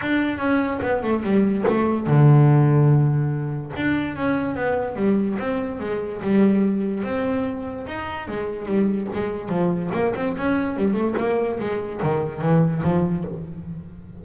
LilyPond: \new Staff \with { instrumentName = "double bass" } { \time 4/4 \tempo 4 = 145 d'4 cis'4 b8 a8 g4 | a4 d2.~ | d4 d'4 cis'4 b4 | g4 c'4 gis4 g4~ |
g4 c'2 dis'4 | gis4 g4 gis4 f4 | ais8 c'8 cis'4 g8 a8 ais4 | gis4 dis4 e4 f4 | }